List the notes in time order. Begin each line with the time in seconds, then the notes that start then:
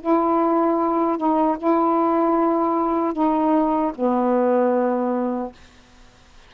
0.00 E4
1.17 D#4
1.58 E4
3.13 D#4
3.95 B3